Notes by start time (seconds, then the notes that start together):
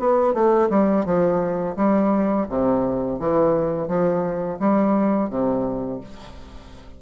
0.00 B3
0.34 A3
0.70 G3
1.06 F3
1.77 G3
2.49 C3
3.20 E3
3.88 F3
4.60 G3
5.30 C3